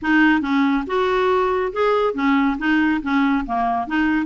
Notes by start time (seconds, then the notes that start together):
0.02 D#4
0.41 C#4
0.86 F#4
1.72 G#4
2.14 C#4
2.58 D#4
3.02 C#4
3.45 A#3
3.87 D#4